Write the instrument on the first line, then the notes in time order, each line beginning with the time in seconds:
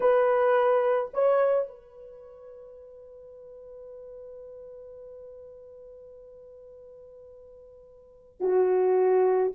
horn
0.00 B4
1.13 C#5
1.67 B4
8.40 F#4